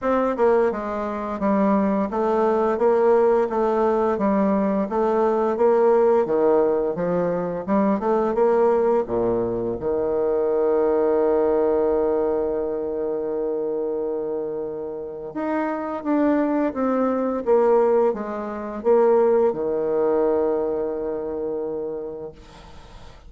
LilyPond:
\new Staff \with { instrumentName = "bassoon" } { \time 4/4 \tempo 4 = 86 c'8 ais8 gis4 g4 a4 | ais4 a4 g4 a4 | ais4 dis4 f4 g8 a8 | ais4 ais,4 dis2~ |
dis1~ | dis2 dis'4 d'4 | c'4 ais4 gis4 ais4 | dis1 | }